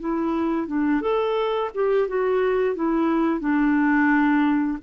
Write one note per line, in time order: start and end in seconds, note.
0.00 0.67 E4
0.67 1.01 D4
1.01 1.70 A4
1.74 2.08 G4
2.08 2.75 F#4
2.75 3.40 E4
3.40 4.78 D4